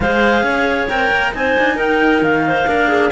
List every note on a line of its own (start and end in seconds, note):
0.00 0.42 G#3
0.00 0.89 G#4
0.00 0.44 C5
0.00 0.88 F5
0.42 0.87 C#4
0.42 1.32 C#5
0.88 1.11 C4
0.88 1.32 A#4
0.88 1.33 G5
1.11 1.33 A#3
1.32 1.56 C4
1.32 2.65 D#4
1.32 1.75 C5
1.32 1.78 G#5
1.58 1.77 D4
1.75 2.21 D#4
1.75 2.42 A#4
1.75 2.23 G5
2.21 2.65 D#3
2.21 3.11 F5
2.47 2.68 C5
2.66 3.11 A#3
2.66 3.10 D4
2.66 2.88 A#4
2.88 3.10 G#4